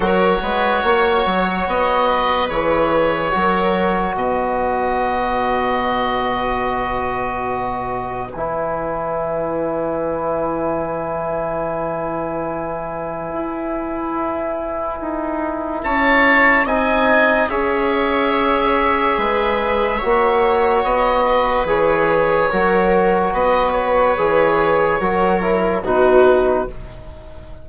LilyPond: <<
  \new Staff \with { instrumentName = "oboe" } { \time 4/4 \tempo 4 = 72 cis''2 dis''4 cis''4~ | cis''4 dis''2.~ | dis''2 gis''2~ | gis''1~ |
gis''2. a''4 | gis''4 e''2.~ | e''4 dis''4 cis''2 | dis''8 cis''2~ cis''8 b'4 | }
  \new Staff \with { instrumentName = "viola" } { \time 4/4 ais'8 b'8 cis''4. b'4. | ais'4 b'2.~ | b'1~ | b'1~ |
b'2. cis''4 | dis''4 cis''2 b'4 | cis''4. b'4. ais'4 | b'2 ais'4 fis'4 | }
  \new Staff \with { instrumentName = "trombone" } { \time 4/4 fis'2. gis'4 | fis'1~ | fis'2 e'2~ | e'1~ |
e'1 | dis'4 gis'2. | fis'2 gis'4 fis'4~ | fis'4 gis'4 fis'8 e'8 dis'4 | }
  \new Staff \with { instrumentName = "bassoon" } { \time 4/4 fis8 gis8 ais8 fis8 b4 e4 | fis4 b,2.~ | b,2 e2~ | e1 |
e'2 dis'4 cis'4 | c'4 cis'2 gis4 | ais4 b4 e4 fis4 | b4 e4 fis4 b,4 | }
>>